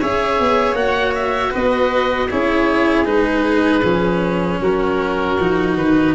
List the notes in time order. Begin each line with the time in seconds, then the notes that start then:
0.00 C#4 G#4 C#5 E5
0.40 B3
0.74 A#3 F#4 F#5
1.15 E5
1.50 B3 B4 D#5
2.30 C#4 E4 G#4 C#5
3.05 G#3 D#4 B4
3.83 F3 C#4
4.61 F#3 F#4 A#4
5.40 F3 D#4
5.76 D#3 B4